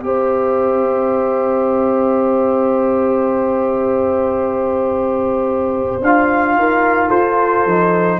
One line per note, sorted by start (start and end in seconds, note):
0.00 6.02 C4
0.00 6.00 G4
0.00 6.59 C5
0.00 6.02 E5
6.02 6.55 D4
6.02 7.67 F4
6.02 7.10 F5
6.55 7.10 D#4
6.55 7.08 A#4
7.08 7.65 F4
7.08 8.17 A4
7.08 8.19 C5
7.65 8.19 F3
7.65 8.19 D#4